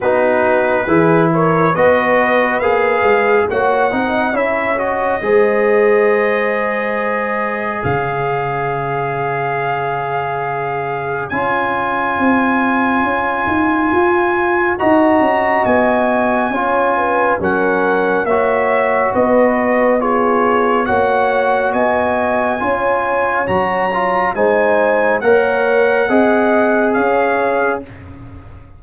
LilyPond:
<<
  \new Staff \with { instrumentName = "trumpet" } { \time 4/4 \tempo 4 = 69 b'4. cis''8 dis''4 f''4 | fis''4 e''8 dis''2~ dis''8~ | dis''4 f''2.~ | f''4 gis''2.~ |
gis''4 ais''4 gis''2 | fis''4 e''4 dis''4 cis''4 | fis''4 gis''2 ais''4 | gis''4 fis''2 f''4 | }
  \new Staff \with { instrumentName = "horn" } { \time 4/4 fis'4 gis'8 ais'8 b'2 | cis''8 dis''8 cis''4 c''2~ | c''4 cis''2.~ | cis''1~ |
cis''4 dis''2 cis''8 b'8 | ais'4 cis''4 b'4 gis'4 | cis''4 dis''4 cis''2 | c''4 cis''4 dis''4 cis''4 | }
  \new Staff \with { instrumentName = "trombone" } { \time 4/4 dis'4 e'4 fis'4 gis'4 | fis'8 dis'8 e'8 fis'8 gis'2~ | gis'1~ | gis'4 f'2.~ |
f'4 fis'2 f'4 | cis'4 fis'2 f'4 | fis'2 f'4 fis'8 f'8 | dis'4 ais'4 gis'2 | }
  \new Staff \with { instrumentName = "tuba" } { \time 4/4 b4 e4 b4 ais8 gis8 | ais8 c'8 cis'4 gis2~ | gis4 cis2.~ | cis4 cis'4 c'4 cis'8 dis'8 |
f'4 dis'8 cis'8 b4 cis'4 | fis4 ais4 b2 | ais4 b4 cis'4 fis4 | gis4 ais4 c'4 cis'4 | }
>>